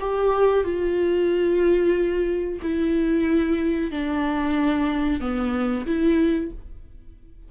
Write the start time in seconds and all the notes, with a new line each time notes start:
0.00 G4
0.64 F4
2.62 E4
3.91 D4
5.21 B3
5.86 E4